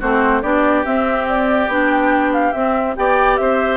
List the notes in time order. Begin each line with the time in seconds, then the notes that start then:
0.00 A3 C4 F#4 C5
0.42 B3 D4 G4 D5
0.85 C4 E5
1.29 D5
1.68 B3 D4 G5
2.33 F5
2.53 C4 E5
2.96 B3 G4 D5 G5
3.37 C4 C5 E5